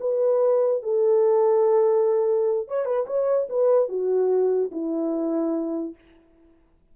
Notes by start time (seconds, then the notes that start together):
0.00 B4
0.82 A4
2.67 C#5
2.85 B4
3.06 C#5
3.49 B4
3.88 F#4
4.71 E4